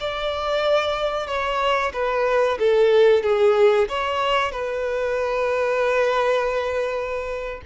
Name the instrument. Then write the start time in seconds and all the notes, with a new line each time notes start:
violin
0.00 D5
1.27 C#5
1.93 B4
2.59 A4
3.23 G#4
3.88 C#5
4.51 B4